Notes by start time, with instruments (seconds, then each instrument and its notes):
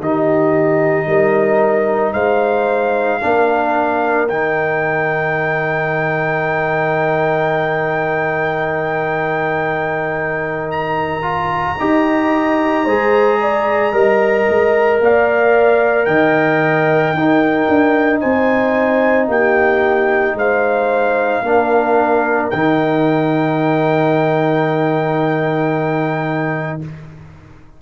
0.00 tuba D#3, trombone D#4, horn G4, trumpet D#5
1.07 tuba G3, horn A#4
2.13 tuba G#3, horn C5, trumpet F5
3.21 tuba A#3, trombone D4, horn A#4
4.29 tuba D#3, trombone D#4, trumpet G5
10.71 trumpet A#5
11.23 trombone F4
11.78 tuba D#4, trombone G4, horn D#5
12.85 tuba G#3, trombone G#4, horn C5
13.41 horn D5
13.92 tuba G3, trombone A#4, horn D#5
14.49 tuba G#3
15.00 tuba A#3, horn D5, trumpet F5
16.05 tuba D#3, horn D#5, trumpet G5
17.13 tuba D#4, trombone D#4, horn A#4
17.68 tuba D4
18.20 tuba C4, horn C5, trumpet G#5
19.27 tuba A#3, horn G4, trumpet G5
20.34 tuba G#3, horn C5, trumpet F5
21.43 tuba A#3, trombone D4, horn A#4
22.50 tuba D#3, trombone D#4, trumpet G5